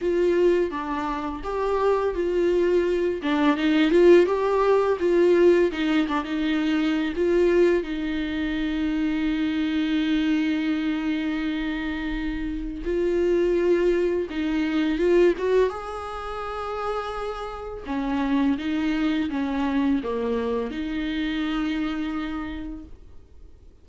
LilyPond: \new Staff \with { instrumentName = "viola" } { \time 4/4 \tempo 4 = 84 f'4 d'4 g'4 f'4~ | f'8 d'8 dis'8 f'8 g'4 f'4 | dis'8 d'16 dis'4~ dis'16 f'4 dis'4~ | dis'1~ |
dis'2 f'2 | dis'4 f'8 fis'8 gis'2~ | gis'4 cis'4 dis'4 cis'4 | ais4 dis'2. | }